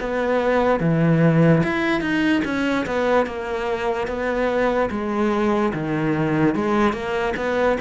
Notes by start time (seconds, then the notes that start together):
0.00 B3
0.80 E3
1.63 E4
2.01 D#4
2.45 C#4
2.86 B3
3.26 A#3
4.07 B3
4.91 G#3
5.73 D#3
6.55 G#3
6.93 A#3
7.37 B3